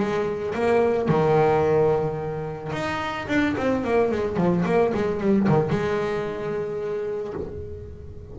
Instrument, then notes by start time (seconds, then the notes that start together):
double bass
0.00 G#3
0.55 A#3
1.09 D#3
2.73 D#4
3.28 D4
3.58 C4
3.85 A#3
4.12 G#3
4.37 F3
4.66 A#3
4.95 G#3
5.21 G3
5.49 D#3
5.70 G#3